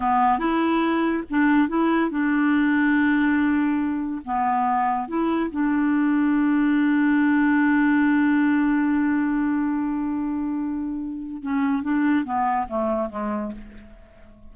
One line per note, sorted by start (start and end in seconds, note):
0.00 0.39 B3
0.39 1.23 E4
1.30 1.68 D4
1.68 2.10 E4
2.10 4.21 D4
4.24 5.08 B3
5.08 5.50 E4
5.50 11.42 D4
11.42 11.82 C#4
11.82 12.24 D4
12.24 12.67 B3
12.68 13.09 A3
13.09 13.52 G#3